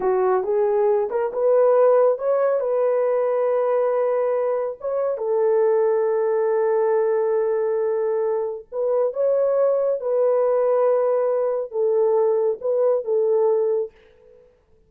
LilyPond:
\new Staff \with { instrumentName = "horn" } { \time 4/4 \tempo 4 = 138 fis'4 gis'4. ais'8 b'4~ | b'4 cis''4 b'2~ | b'2. cis''4 | a'1~ |
a'1 | b'4 cis''2 b'4~ | b'2. a'4~ | a'4 b'4 a'2 | }